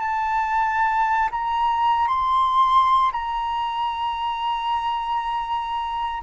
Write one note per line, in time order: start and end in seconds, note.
0.00 1.29 A5
1.32 2.08 A#5
2.08 3.12 C6
3.13 6.23 A#5